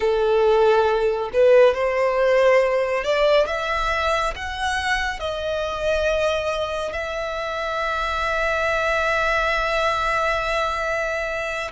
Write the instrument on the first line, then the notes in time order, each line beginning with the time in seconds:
violin
0.00 A4
1.33 B4
1.74 C5
3.04 D5
3.47 E5
4.35 F#5
5.19 D#5
6.92 E5